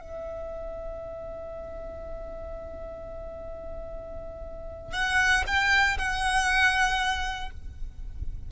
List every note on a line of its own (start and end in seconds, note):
0.00 4.93 E5
4.93 5.43 F#5
5.46 5.97 G5
5.98 7.50 F#5